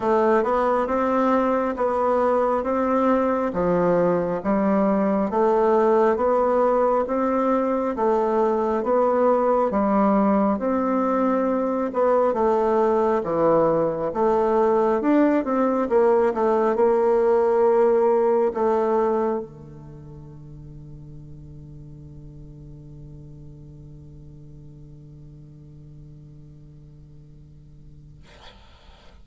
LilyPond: \new Staff \with { instrumentName = "bassoon" } { \time 4/4 \tempo 4 = 68 a8 b8 c'4 b4 c'4 | f4 g4 a4 b4 | c'4 a4 b4 g4 | c'4. b8 a4 e4 |
a4 d'8 c'8 ais8 a8 ais4~ | ais4 a4 d2~ | d1~ | d1 | }